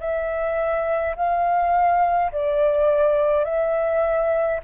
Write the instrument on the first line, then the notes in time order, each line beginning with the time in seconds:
flute
0.00 E5
1.16 F5
2.32 D5
3.44 E5